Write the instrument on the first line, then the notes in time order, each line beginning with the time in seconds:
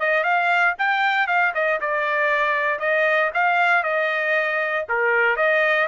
trumpet
0.00 D#5
0.24 F5
0.79 G5
1.28 F5
1.55 D#5
1.81 D5
2.80 D#5
3.34 F5
3.84 D#5
4.90 A#4
5.37 D#5